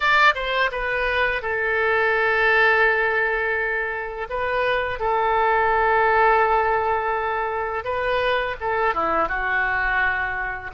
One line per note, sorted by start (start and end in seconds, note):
0.00 0.34 D5
0.34 0.70 C5
0.71 1.42 B4
1.42 4.27 A4
4.29 4.99 B4
4.99 7.84 A4
7.84 8.56 B4
8.60 8.94 A4
8.94 9.28 E4
9.28 10.71 F#4